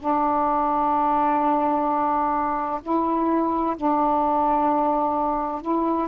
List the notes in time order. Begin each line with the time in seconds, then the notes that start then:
0.00 D4
2.83 E4
3.77 D4
5.62 E4